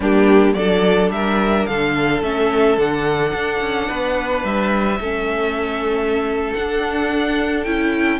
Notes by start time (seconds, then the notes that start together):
0.00 G3 A#3 D4 G4
0.53 F#3 D4 A4 D5
1.09 G3 A#4 E5
1.66 D3 A4 F5
2.22 A3 C#4 E5
2.77 D3 D4 F#5
3.33 D4
3.61 C#4
3.88 B3 B4
4.43 G3 E5
4.99 A3 C#4 A4
6.53 D4 F#5
7.63 C#4 E4 G5